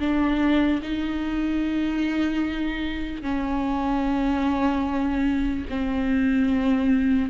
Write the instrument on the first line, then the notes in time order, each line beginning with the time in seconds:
viola
0.00 D4
0.83 D#4
3.22 C#4
5.70 C4